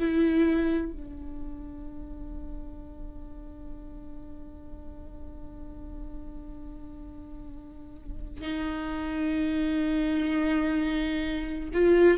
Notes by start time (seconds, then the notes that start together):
0.00 E4
0.92 D4
8.42 D#4
11.74 F4